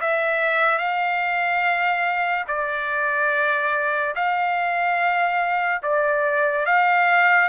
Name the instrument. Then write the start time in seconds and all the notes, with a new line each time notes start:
trumpet
0.00 E5
0.78 F5
2.48 D5
4.15 F5
5.83 D5
6.66 F5